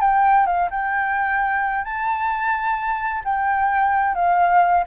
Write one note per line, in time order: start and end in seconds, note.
0.00 0.46 G5
0.46 0.69 F5
0.70 1.84 G5
1.84 3.22 A5
3.24 4.15 G5
4.15 4.84 F5